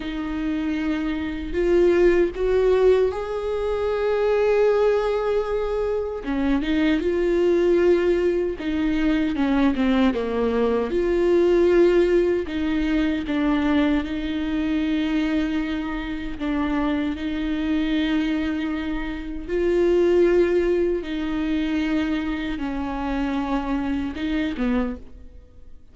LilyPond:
\new Staff \with { instrumentName = "viola" } { \time 4/4 \tempo 4 = 77 dis'2 f'4 fis'4 | gis'1 | cis'8 dis'8 f'2 dis'4 | cis'8 c'8 ais4 f'2 |
dis'4 d'4 dis'2~ | dis'4 d'4 dis'2~ | dis'4 f'2 dis'4~ | dis'4 cis'2 dis'8 b8 | }